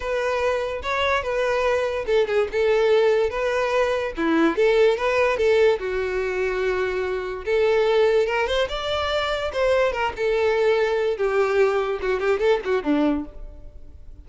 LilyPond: \new Staff \with { instrumentName = "violin" } { \time 4/4 \tempo 4 = 145 b'2 cis''4 b'4~ | b'4 a'8 gis'8 a'2 | b'2 e'4 a'4 | b'4 a'4 fis'2~ |
fis'2 a'2 | ais'8 c''8 d''2 c''4 | ais'8 a'2~ a'8 g'4~ | g'4 fis'8 g'8 a'8 fis'8 d'4 | }